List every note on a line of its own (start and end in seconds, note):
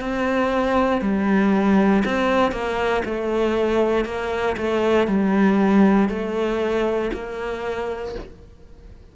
0.00 1.02 C4
1.02 2.03 G3
2.05 2.51 C4
2.51 3.02 A#3
3.05 4.05 A3
4.05 4.56 A#3
4.57 5.07 A3
5.07 6.09 G3
6.09 7.11 A3
7.13 8.15 A#3